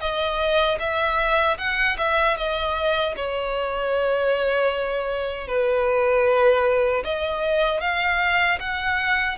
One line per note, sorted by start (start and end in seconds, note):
0.00 0.78 D#5
0.79 1.57 E5
1.58 1.97 F#5
1.98 2.37 E5
2.37 3.15 D#5
3.16 5.48 C#5
5.48 7.03 B4
7.04 7.81 D#5
7.81 8.59 F5
8.60 9.38 F#5